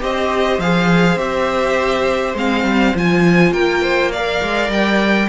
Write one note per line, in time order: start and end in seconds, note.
0.00 0.58 C4
0.00 0.59 G4
0.00 3.52 C5
0.00 0.60 D#5
0.58 1.16 F3
0.58 1.17 G#4
0.58 1.18 F5
1.16 2.33 C4
1.16 2.35 G4
1.16 2.35 E5
2.34 2.63 G#3
2.34 2.95 C4
2.34 2.96 F5
2.63 2.93 G3
2.94 3.52 F3
2.94 4.12 F4
2.94 3.52 G#5
3.52 4.40 A#3
3.52 3.82 A#4
3.52 4.11 G5
3.82 4.11 C5
4.11 5.29 A#4
4.11 5.29 D5
4.11 4.71 F5
4.41 4.68 G#3
4.68 5.27 G3
4.68 5.29 G5